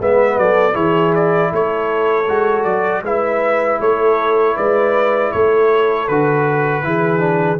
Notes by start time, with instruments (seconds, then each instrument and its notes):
0.00 tuba G#3, trombone B3, horn B4, trumpet E5
0.37 tuba F#3, horn A4, trumpet D5
0.73 tuba E3, trombone E4, horn G#4, trumpet C#5
1.14 trumpet D5
1.51 tuba A3, horn A4, trumpet C#5
2.28 tuba G#3, trombone F#4
2.64 tuba F#3, trumpet D5
3.02 tuba G#3, trombone E4, horn B4, trumpet E5
3.79 tuba A3, horn A4, trumpet C#5
4.56 tuba G#3, horn B4, trumpet D5
5.31 tuba A3, horn A4, trumpet C#5
6.08 tuba D3, trombone F#4, trumpet B4
6.83 tuba E3, trombone E4, horn G#4
7.19 trombone D4